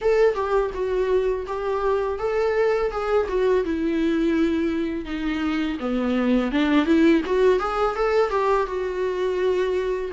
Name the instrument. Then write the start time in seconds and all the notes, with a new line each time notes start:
viola
0.01 A4
0.34 G4
0.74 F#4
1.47 G4
2.19 A4
2.91 G#4
3.28 F#4
3.64 E4
5.05 D#4
5.79 B3
6.51 D4
6.85 E4
7.25 F#4
7.59 G#4
7.95 A4
8.30 G4
8.66 F#4